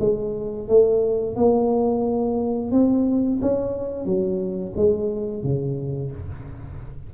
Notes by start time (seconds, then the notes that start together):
0.00 G#3
0.68 A3
1.36 A#3
2.72 C4
3.41 C#4
4.05 F#3
4.76 G#3
5.43 C#3